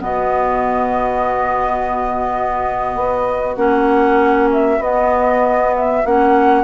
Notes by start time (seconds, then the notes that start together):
0.00 B2 B3 F#4 D#5
2.95 B3
3.56 A#3 C#4 F#5
4.53 E5
4.79 B3 D#5
5.76 E5
6.05 A#3 C#4 F#5